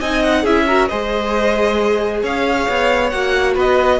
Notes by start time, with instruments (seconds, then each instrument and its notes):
0.00 cello C4, viola D#4, violin D#5 G#5
0.23 violin F#5
0.42 cello C#4, viola E4, violin G#4 E5
0.67 viola F#4, violin A#4
0.88 cello G#3, viola G#4, violin C5 D#5
2.22 cello C#4, violin C#5 F5
2.69 cello B3
3.10 cello A#3, viola F#4, violin F#5
3.54 cello B3, violin B4 D#5